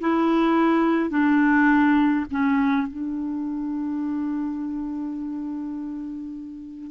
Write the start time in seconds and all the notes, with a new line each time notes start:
0.00 E4
1.10 D4
2.31 C#4
2.87 D4